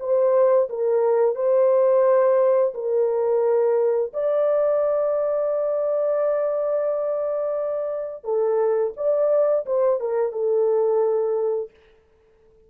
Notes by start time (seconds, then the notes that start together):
0.00 C5
0.70 A#4
1.36 C5
2.75 A#4
4.13 D5
8.24 A4
8.97 D5
9.66 C5
10.00 A#4
10.32 A4